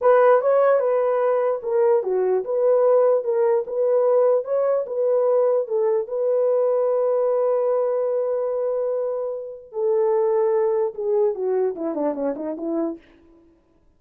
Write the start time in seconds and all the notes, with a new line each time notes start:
0.01 B4
0.41 C#5
0.79 B4
1.63 A#4
2.03 F#4
2.44 B4
3.23 A#4
3.66 B4
4.44 C#5
4.86 B4
5.67 A4
6.07 B4
9.72 A4
10.94 G#4
11.34 F#4
11.75 E4
11.95 D4
12.14 C#4
12.36 D#4
12.57 E4